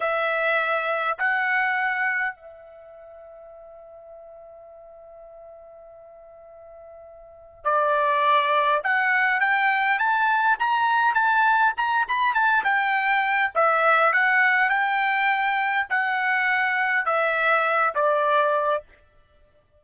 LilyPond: \new Staff \with { instrumentName = "trumpet" } { \time 4/4 \tempo 4 = 102 e''2 fis''2 | e''1~ | e''1~ | e''4 d''2 fis''4 |
g''4 a''4 ais''4 a''4 | ais''8 b''8 a''8 g''4. e''4 | fis''4 g''2 fis''4~ | fis''4 e''4. d''4. | }